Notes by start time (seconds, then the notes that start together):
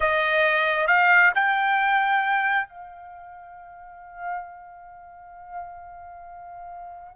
0.00 D#5
0.87 F5
1.34 G5
2.68 F5